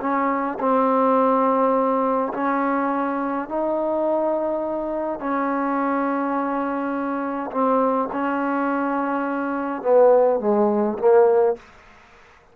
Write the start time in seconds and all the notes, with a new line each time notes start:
0.00 C#4
0.59 C4
2.33 C#4
3.48 D#4
5.19 C#4
7.51 C4
8.12 C#4
9.82 B3
10.40 G#3
10.98 A#3